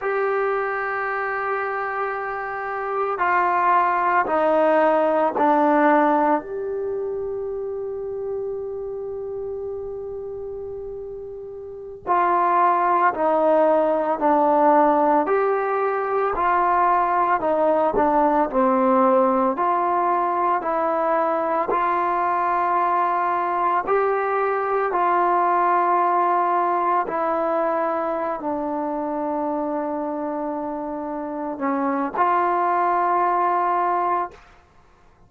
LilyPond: \new Staff \with { instrumentName = "trombone" } { \time 4/4 \tempo 4 = 56 g'2. f'4 | dis'4 d'4 g'2~ | g'2.~ g'16 f'8.~ | f'16 dis'4 d'4 g'4 f'8.~ |
f'16 dis'8 d'8 c'4 f'4 e'8.~ | e'16 f'2 g'4 f'8.~ | f'4~ f'16 e'4~ e'16 d'4.~ | d'4. cis'8 f'2 | }